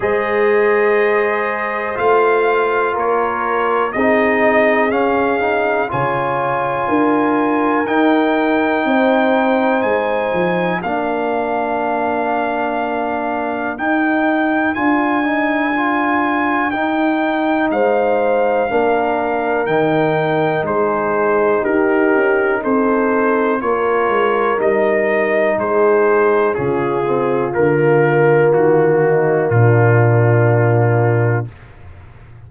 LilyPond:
<<
  \new Staff \with { instrumentName = "trumpet" } { \time 4/4 \tempo 4 = 61 dis''2 f''4 cis''4 | dis''4 f''4 gis''2 | g''2 gis''4 f''4~ | f''2 g''4 gis''4~ |
gis''4 g''4 f''2 | g''4 c''4 ais'4 c''4 | cis''4 dis''4 c''4 gis'4 | ais'4 fis'4 f'2 | }
  \new Staff \with { instrumentName = "horn" } { \time 4/4 c''2. ais'4 | gis'2 cis''4 ais'4~ | ais'4 c''2 ais'4~ | ais'1~ |
ais'2 c''4 ais'4~ | ais'4 gis'4 g'4 a'4 | ais'2 gis'4 f'4~ | f'4. dis'8 d'2 | }
  \new Staff \with { instrumentName = "trombone" } { \time 4/4 gis'2 f'2 | dis'4 cis'8 dis'8 f'2 | dis'2. d'4~ | d'2 dis'4 f'8 dis'8 |
f'4 dis'2 d'4 | dis'1 | f'4 dis'2 cis'8 c'8 | ais1 | }
  \new Staff \with { instrumentName = "tuba" } { \time 4/4 gis2 a4 ais4 | c'4 cis'4 cis4 d'4 | dis'4 c'4 gis8 f8 ais4~ | ais2 dis'4 d'4~ |
d'4 dis'4 gis4 ais4 | dis4 gis4 dis'8 cis'8 c'4 | ais8 gis8 g4 gis4 cis4 | d4 dis4 ais,2 | }
>>